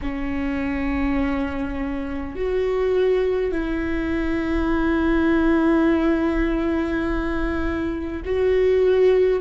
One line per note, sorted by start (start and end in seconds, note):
0.01 2.35 C#4
2.35 3.51 F#4
3.51 8.22 E4
8.25 9.40 F#4